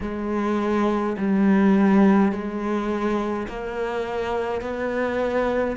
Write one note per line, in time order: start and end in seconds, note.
0.01 1.16 G#3
1.17 2.31 G3
2.31 3.47 G#3
3.48 4.61 A#3
4.61 5.76 B3